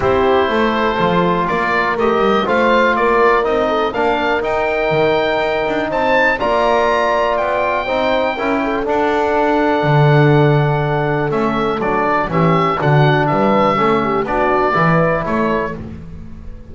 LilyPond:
<<
  \new Staff \with { instrumentName = "oboe" } { \time 4/4 \tempo 4 = 122 c''2. d''4 | dis''4 f''4 d''4 dis''4 | f''4 g''2. | a''4 ais''2 g''4~ |
g''2 fis''2~ | fis''2. e''4 | d''4 e''4 fis''4 e''4~ | e''4 d''2 cis''4 | }
  \new Staff \with { instrumentName = "horn" } { \time 4/4 g'4 a'2 ais'4~ | ais'4 c''4 ais'4. a'8 | ais'1 | c''4 d''2. |
c''4 ais'8 a'2~ a'8~ | a'1~ | a'4 g'4 fis'4 b'4 | a'8 g'8 fis'4 b'4 a'4 | }
  \new Staff \with { instrumentName = "trombone" } { \time 4/4 e'2 f'2 | g'4 f'2 dis'4 | d'4 dis'2.~ | dis'4 f'2. |
dis'4 e'4 d'2~ | d'2. cis'4 | d'4 cis'4 d'2 | cis'4 d'4 e'2 | }
  \new Staff \with { instrumentName = "double bass" } { \time 4/4 c'4 a4 f4 ais4 | a8 g8 a4 ais4 c'4 | ais4 dis'4 dis4 dis'8 d'8 | c'4 ais2 b4 |
c'4 cis'4 d'2 | d2. a4 | fis4 e4 d4 g4 | a4 b4 e4 a4 | }
>>